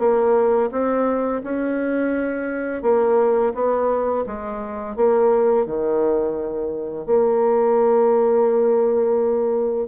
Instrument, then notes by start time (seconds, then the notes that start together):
bassoon
0.00 A#3
0.72 C4
1.44 C#4
2.83 A#3
3.55 B3
4.27 G#3
4.96 A#3
5.67 D#3
7.06 A#3